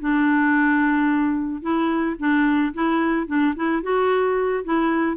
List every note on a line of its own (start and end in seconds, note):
0.00 1.62 D4
1.62 2.17 E4
2.19 2.74 D4
2.74 3.27 E4
3.27 3.54 D4
3.56 3.83 E4
3.83 4.64 F#4
4.64 5.17 E4